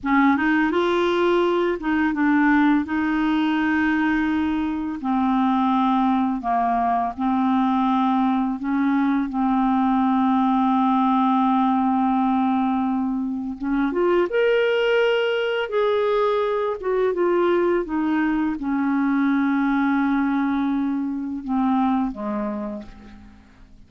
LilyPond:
\new Staff \with { instrumentName = "clarinet" } { \time 4/4 \tempo 4 = 84 cis'8 dis'8 f'4. dis'8 d'4 | dis'2. c'4~ | c'4 ais4 c'2 | cis'4 c'2.~ |
c'2. cis'8 f'8 | ais'2 gis'4. fis'8 | f'4 dis'4 cis'2~ | cis'2 c'4 gis4 | }